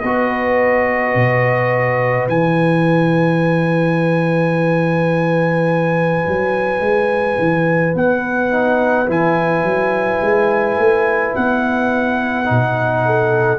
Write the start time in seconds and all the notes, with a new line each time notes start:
0.00 B3 F#4 B4 D#5
1.14 B2
2.28 E3 E4 G#5
6.27 F#3
6.80 G#3
7.38 E3
7.94 B3 F#5
8.49 D#4
9.06 E3 E4 G#5
9.63 F#3
10.21 G#3
10.77 A3
11.35 B3 F#5
12.45 B2 D#4
13.05 A4